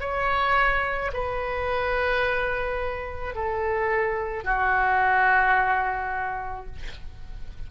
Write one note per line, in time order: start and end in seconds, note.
0.00 1.11 C#5
1.13 3.35 B4
3.35 4.44 A4
4.44 6.66 F#4